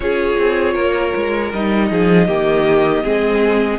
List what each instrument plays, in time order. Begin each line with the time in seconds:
0.00 cello C#4, viola F4, violin G#4 C#5
0.38 cello C4
0.73 cello A#3, violin A#4
1.16 cello G#3
1.53 cello G3, viola D#4, violin D#5
1.90 cello F3, violin G#4
2.27 cello D#3, viola A#3, violin G4
3.03 cello G#3, viola C4, violin G#4